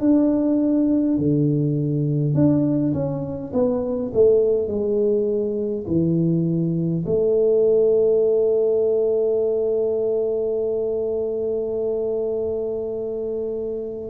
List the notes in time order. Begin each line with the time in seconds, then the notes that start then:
0.00 D4
1.18 D3
2.34 D4
2.94 C#4
3.52 B3
4.13 A3
4.67 G#3
5.87 E3
7.05 A3